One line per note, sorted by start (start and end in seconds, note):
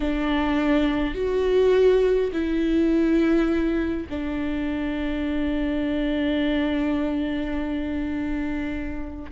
0.00 1.14 D4
1.14 2.31 F#4
2.32 4.07 E4
4.09 9.31 D4